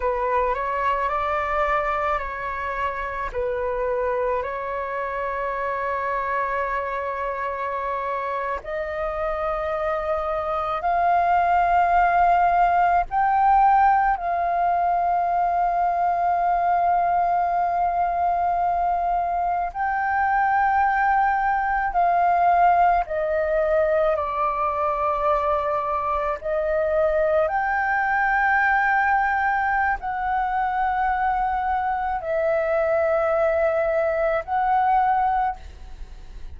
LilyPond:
\new Staff \with { instrumentName = "flute" } { \time 4/4 \tempo 4 = 54 b'8 cis''8 d''4 cis''4 b'4 | cis''2.~ cis''8. dis''16~ | dis''4.~ dis''16 f''2 g''16~ | g''8. f''2.~ f''16~ |
f''4.~ f''16 g''2 f''16~ | f''8. dis''4 d''2 dis''16~ | dis''8. g''2~ g''16 fis''4~ | fis''4 e''2 fis''4 | }